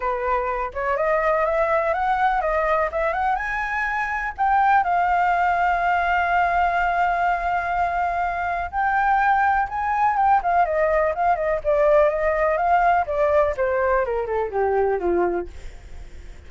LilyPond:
\new Staff \with { instrumentName = "flute" } { \time 4/4 \tempo 4 = 124 b'4. cis''8 dis''4 e''4 | fis''4 dis''4 e''8 fis''8 gis''4~ | gis''4 g''4 f''2~ | f''1~ |
f''2 g''2 | gis''4 g''8 f''8 dis''4 f''8 dis''8 | d''4 dis''4 f''4 d''4 | c''4 ais'8 a'8 g'4 f'4 | }